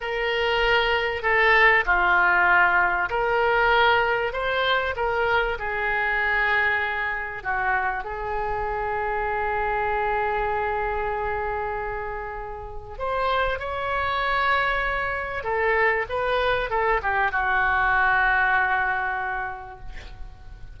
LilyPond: \new Staff \with { instrumentName = "oboe" } { \time 4/4 \tempo 4 = 97 ais'2 a'4 f'4~ | f'4 ais'2 c''4 | ais'4 gis'2. | fis'4 gis'2.~ |
gis'1~ | gis'4 c''4 cis''2~ | cis''4 a'4 b'4 a'8 g'8 | fis'1 | }